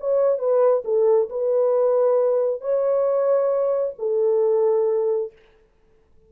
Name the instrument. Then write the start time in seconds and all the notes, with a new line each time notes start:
horn
0.00 C#5
0.39 B4
0.85 A4
1.30 B4
2.61 C#5
3.99 A4